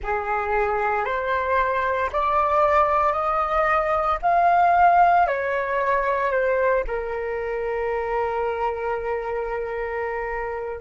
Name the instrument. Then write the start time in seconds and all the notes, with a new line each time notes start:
flute
0.02 G#4
1.04 C5
2.12 D5
3.12 D#5
4.22 F5
5.27 C#5
6.31 C5
6.87 A#4